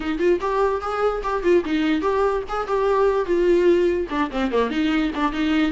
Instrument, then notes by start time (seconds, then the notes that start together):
viola
0.00 D#4
0.18 F4
0.40 G4
0.81 G#4
1.23 G4
1.43 F4
1.64 D#4
2.01 G4
2.48 G#4
2.67 G4
3.25 F4
4.09 D4
4.30 C4
4.51 A#3
4.70 D#4
5.14 D4
5.32 D#4